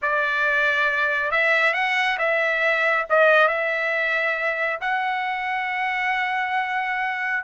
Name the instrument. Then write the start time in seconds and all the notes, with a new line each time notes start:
trumpet
0.02 D5
1.31 E5
1.73 F#5
2.18 E5
3.09 D#5
3.48 E5
4.80 F#5